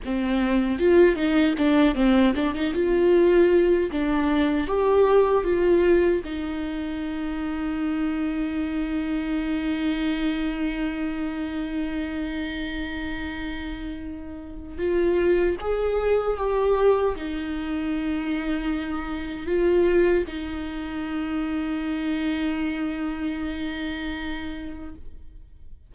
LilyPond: \new Staff \with { instrumentName = "viola" } { \time 4/4 \tempo 4 = 77 c'4 f'8 dis'8 d'8 c'8 d'16 dis'16 f'8~ | f'4 d'4 g'4 f'4 | dis'1~ | dis'1~ |
dis'2. f'4 | gis'4 g'4 dis'2~ | dis'4 f'4 dis'2~ | dis'1 | }